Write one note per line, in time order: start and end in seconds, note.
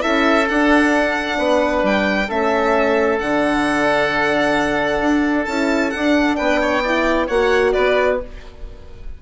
0.00 0.49 C#4
0.00 0.45 E4
0.00 1.39 A4
0.00 0.47 E5
0.49 1.38 D4
0.49 2.29 D4
0.49 1.85 F#5
1.38 1.83 B3
1.38 2.28 B4
1.83 2.29 G3
1.83 2.30 G5
2.28 3.21 A3
2.28 3.19 C#4
2.28 6.37 A4
2.28 3.19 E5
3.19 5.01 D3
3.19 5.47 D4
3.19 5.45 F#5
5.01 5.47 D4
5.45 5.93 C#4
5.45 5.94 E4
5.45 5.90 A5
5.90 6.39 D4
5.90 6.85 D4
5.90 6.36 F#5
6.36 7.29 B3
6.36 6.60 B4
6.36 7.27 G5
6.61 6.83 C#5
6.83 7.30 E4
6.83 7.27 D5
7.27 7.75 A#3
7.27 8.22 F#4
7.27 7.72 C#5
7.27 7.73 F#5
7.73 8.22 B3
7.73 8.19 B4
7.73 8.18 D5